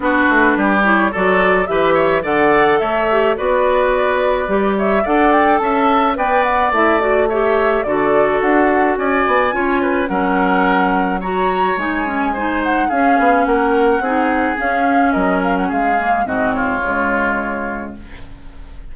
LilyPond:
<<
  \new Staff \with { instrumentName = "flute" } { \time 4/4 \tempo 4 = 107 b'4. cis''8 d''4 e''4 | fis''4 e''4 d''2~ | d''8 e''8 fis''8 g''8 a''4 g''8 fis''8 | e''8 d''8 e''4 d''4 fis''4 |
gis''2 fis''2 | ais''4 gis''4. fis''8 f''4 | fis''2 f''4 dis''8 f''16 fis''16 | f''4 dis''8 cis''2~ cis''8 | }
  \new Staff \with { instrumentName = "oboe" } { \time 4/4 fis'4 g'4 a'4 b'8 cis''8 | d''4 cis''4 b'2~ | b'8 cis''8 d''4 e''4 d''4~ | d''4 cis''4 a'2 |
d''4 cis''8 b'8 ais'2 | cis''2 c''4 gis'4 | ais'4 gis'2 ais'4 | gis'4 fis'8 f'2~ f'8 | }
  \new Staff \with { instrumentName = "clarinet" } { \time 4/4 d'4. e'8 fis'4 g'4 | a'4. g'8 fis'2 | g'4 a'2 b'4 | e'8 fis'8 g'4 fis'2~ |
fis'4 f'4 cis'2 | fis'4 dis'8 cis'8 dis'4 cis'4~ | cis'4 dis'4 cis'2~ | cis'8 ais8 c'4 gis2 | }
  \new Staff \with { instrumentName = "bassoon" } { \time 4/4 b8 a8 g4 fis4 e4 | d4 a4 b2 | g4 d'4 cis'4 b4 | a2 d4 d'4 |
cis'8 b8 cis'4 fis2~ | fis4 gis2 cis'8 b8 | ais4 c'4 cis'4 fis4 | gis4 gis,4 cis2 | }
>>